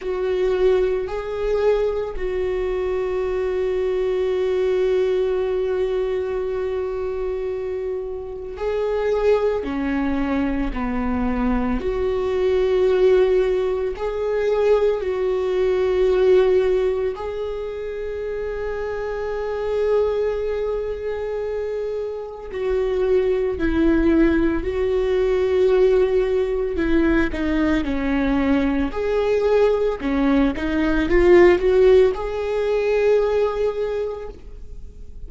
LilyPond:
\new Staff \with { instrumentName = "viola" } { \time 4/4 \tempo 4 = 56 fis'4 gis'4 fis'2~ | fis'1 | gis'4 cis'4 b4 fis'4~ | fis'4 gis'4 fis'2 |
gis'1~ | gis'4 fis'4 e'4 fis'4~ | fis'4 e'8 dis'8 cis'4 gis'4 | cis'8 dis'8 f'8 fis'8 gis'2 | }